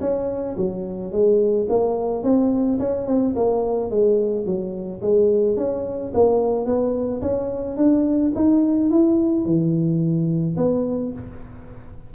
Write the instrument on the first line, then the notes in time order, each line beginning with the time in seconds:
tuba
0.00 C#4
0.57 F#3
1.12 G#3
1.69 A#3
2.23 C4
2.79 C#4
3.06 C4
3.35 A#3
3.90 G#3
4.45 F#3
5.01 G#3
5.57 C#4
6.14 A#3
6.65 B3
7.21 C#4
7.77 D4
8.35 D#4
8.90 E4
9.45 E3
10.57 B3